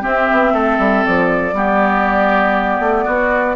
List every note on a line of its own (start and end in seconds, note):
0.00 1.51 C4
0.00 0.29 C4
0.00 0.52 G4
0.00 1.05 E5
0.31 0.52 B3
0.52 0.77 A3
0.52 1.54 A4
0.78 1.03 G3
1.05 1.53 F3
1.05 3.56 D5
1.53 2.79 G3
1.53 3.56 B3
1.53 3.04 G4
2.79 3.04 A3
3.04 3.56 B3
3.04 3.55 F#4